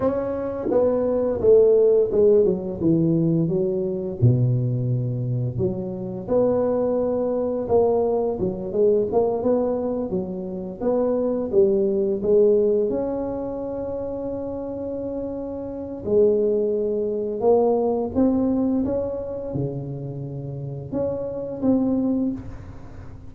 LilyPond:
\new Staff \with { instrumentName = "tuba" } { \time 4/4 \tempo 4 = 86 cis'4 b4 a4 gis8 fis8 | e4 fis4 b,2 | fis4 b2 ais4 | fis8 gis8 ais8 b4 fis4 b8~ |
b8 g4 gis4 cis'4.~ | cis'2. gis4~ | gis4 ais4 c'4 cis'4 | cis2 cis'4 c'4 | }